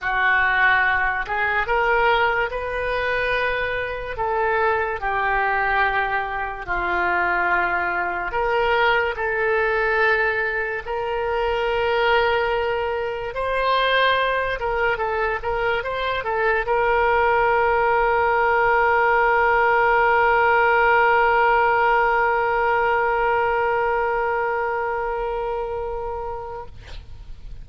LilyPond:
\new Staff \with { instrumentName = "oboe" } { \time 4/4 \tempo 4 = 72 fis'4. gis'8 ais'4 b'4~ | b'4 a'4 g'2 | f'2 ais'4 a'4~ | a'4 ais'2. |
c''4. ais'8 a'8 ais'8 c''8 a'8 | ais'1~ | ais'1~ | ais'1 | }